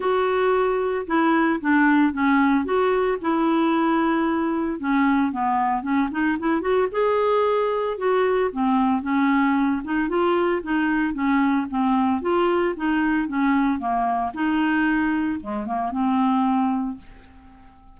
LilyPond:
\new Staff \with { instrumentName = "clarinet" } { \time 4/4 \tempo 4 = 113 fis'2 e'4 d'4 | cis'4 fis'4 e'2~ | e'4 cis'4 b4 cis'8 dis'8 | e'8 fis'8 gis'2 fis'4 |
c'4 cis'4. dis'8 f'4 | dis'4 cis'4 c'4 f'4 | dis'4 cis'4 ais4 dis'4~ | dis'4 gis8 ais8 c'2 | }